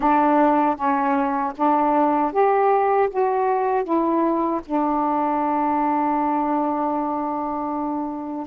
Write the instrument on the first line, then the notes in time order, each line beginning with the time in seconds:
saxophone
0.00 D4
0.76 C#4
1.56 D4
2.32 G4
3.09 F#4
3.84 E4
4.65 D4